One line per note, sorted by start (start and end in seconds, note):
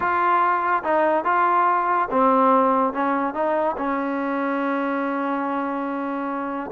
0.00 0.83 F4
0.83 1.24 D#4
1.24 2.08 F4
2.10 2.93 C4
2.93 3.34 C#4
3.34 3.76 D#4
3.77 6.70 C#4